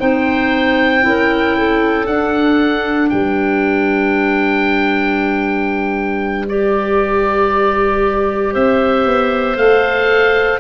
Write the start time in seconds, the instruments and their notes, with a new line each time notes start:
0.00 tuba C4, clarinet D#4 C5, oboe G5
1.02 tuba C#4, clarinet E4 A#4
1.58 clarinet A4
2.07 clarinet D4, tuba D4, oboe F#5
3.10 tuba G3, clarinet B4, oboe G5
6.49 clarinet G4, oboe D5
8.53 tuba C4, clarinet C5, oboe E5
9.06 tuba B3
9.56 tuba A3, clarinet A4, oboe F5